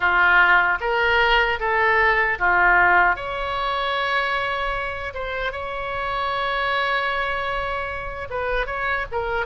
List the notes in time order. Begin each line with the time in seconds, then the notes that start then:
0.00 F4
0.80 A#4
1.59 A4
2.38 F4
3.16 C#5
5.14 C5
5.52 C#5
8.30 B4
8.66 C#5
9.11 A#4